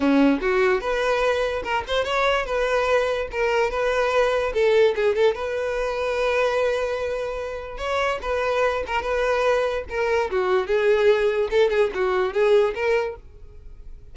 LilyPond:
\new Staff \with { instrumentName = "violin" } { \time 4/4 \tempo 4 = 146 cis'4 fis'4 b'2 | ais'8 c''8 cis''4 b'2 | ais'4 b'2 a'4 | gis'8 a'8 b'2.~ |
b'2. cis''4 | b'4. ais'8 b'2 | ais'4 fis'4 gis'2 | a'8 gis'8 fis'4 gis'4 ais'4 | }